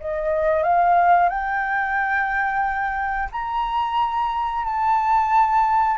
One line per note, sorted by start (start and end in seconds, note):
0.00 0.63 D#5
0.63 1.29 F5
1.29 3.29 G5
3.32 4.65 A#5
4.65 5.98 A5